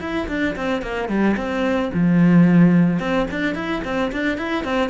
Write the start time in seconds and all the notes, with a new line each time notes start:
0.00 E4
0.28 D4
0.56 C4
0.82 A#3
1.09 G3
1.36 C4
1.93 F3
2.99 C4
3.30 D4
3.55 E4
3.84 C4
4.12 D4
4.37 E4
4.64 C4